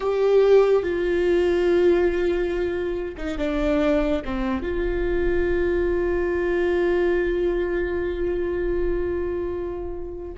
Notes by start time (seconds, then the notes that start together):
0.00 G4
0.82 F4
3.17 D#4
3.38 D4
4.24 C4
4.62 F4